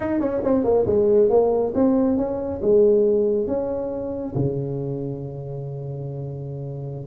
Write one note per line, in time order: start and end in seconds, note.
0.00 0.20 D#4
0.20 0.41 C#4
0.43 0.64 C4
0.64 0.86 A#3
0.86 1.29 G#3
1.29 1.73 A#3
1.75 2.17 C4
2.17 2.60 C#4
2.61 3.47 G#3
3.47 4.34 C#4
4.35 7.07 C#3